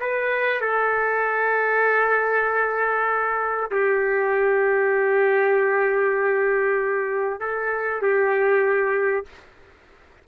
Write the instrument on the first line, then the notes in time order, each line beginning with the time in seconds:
trumpet
0.00 B4
0.61 A4
3.71 G4
7.40 A4
8.02 G4